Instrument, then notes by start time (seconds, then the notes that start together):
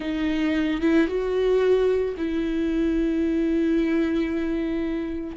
viola
0.00 D#4
0.81 E4
1.07 F#4
2.17 E4